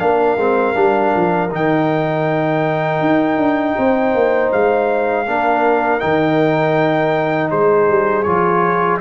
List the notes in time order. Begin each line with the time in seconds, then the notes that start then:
0.00 A#3 D4 A#4 F5
0.36 G#3 C4
0.74 G3 D4
1.16 F3
1.51 D#3 D#4 G5
3.01 D#4
3.37 D4
3.78 C4 C5
4.14 A#3
4.52 G#3 F5
5.27 A#3 D4 A#4
6.00 D#3 D#4 G5
7.51 G#3 G#4 C5
7.88 G3
8.23 F3 F4 C#5